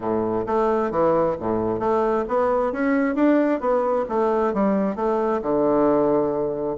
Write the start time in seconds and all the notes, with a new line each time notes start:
0.00 A2
0.46 A3
0.90 E3
1.40 A2
1.79 A3
2.28 B3
2.72 C#4
3.15 D4
3.60 B3
4.08 A3
4.53 G3
4.95 A3
5.42 D3